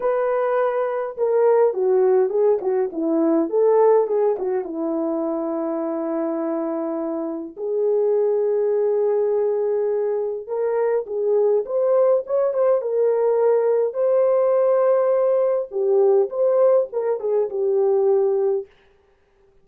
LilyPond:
\new Staff \with { instrumentName = "horn" } { \time 4/4 \tempo 4 = 103 b'2 ais'4 fis'4 | gis'8 fis'8 e'4 a'4 gis'8 fis'8 | e'1~ | e'4 gis'2.~ |
gis'2 ais'4 gis'4 | c''4 cis''8 c''8 ais'2 | c''2. g'4 | c''4 ais'8 gis'8 g'2 | }